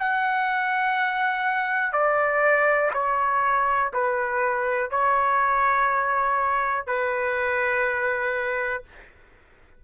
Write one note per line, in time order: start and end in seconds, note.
0.00 1.93 F#5
1.93 2.92 D5
2.94 3.92 C#5
3.94 4.91 B4
4.91 6.87 C#5
6.87 8.84 B4